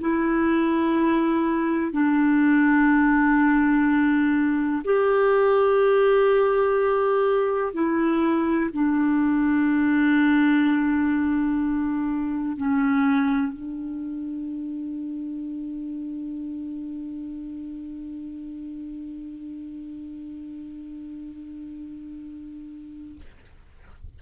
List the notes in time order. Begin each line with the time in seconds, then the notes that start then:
0.00 E4
1.92 D4
4.84 G4
7.73 E4
8.72 D4
12.56 C#4
13.52 D4